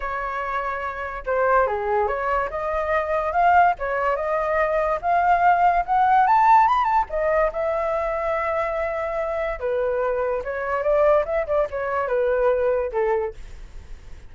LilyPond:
\new Staff \with { instrumentName = "flute" } { \time 4/4 \tempo 4 = 144 cis''2. c''4 | gis'4 cis''4 dis''2 | f''4 cis''4 dis''2 | f''2 fis''4 a''4 |
b''8 a''8 dis''4 e''2~ | e''2. b'4~ | b'4 cis''4 d''4 e''8 d''8 | cis''4 b'2 a'4 | }